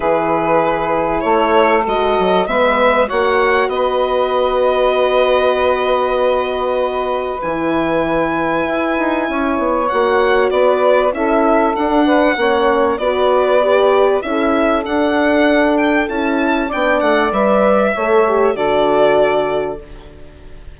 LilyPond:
<<
  \new Staff \with { instrumentName = "violin" } { \time 4/4 \tempo 4 = 97 b'2 cis''4 dis''4 | e''4 fis''4 dis''2~ | dis''1 | gis''1 |
fis''4 d''4 e''4 fis''4~ | fis''4 d''2 e''4 | fis''4. g''8 a''4 g''8 fis''8 | e''2 d''2 | }
  \new Staff \with { instrumentName = "saxophone" } { \time 4/4 gis'2 a'2 | b'4 cis''4 b'2~ | b'1~ | b'2. cis''4~ |
cis''4 b'4 a'4. b'8 | cis''4 b'2 a'4~ | a'2. d''4~ | d''4 cis''4 a'2 | }
  \new Staff \with { instrumentName = "horn" } { \time 4/4 e'2. fis'4 | b4 fis'2.~ | fis'1 | e'1 |
fis'2 e'4 d'4 | cis'4 fis'4 g'4 e'4 | d'2 e'4 d'4 | b'4 a'8 g'8 fis'2 | }
  \new Staff \with { instrumentName = "bassoon" } { \time 4/4 e2 a4 gis8 fis8 | gis4 ais4 b2~ | b1 | e2 e'8 dis'8 cis'8 b8 |
ais4 b4 cis'4 d'4 | ais4 b2 cis'4 | d'2 cis'4 b8 a8 | g4 a4 d2 | }
>>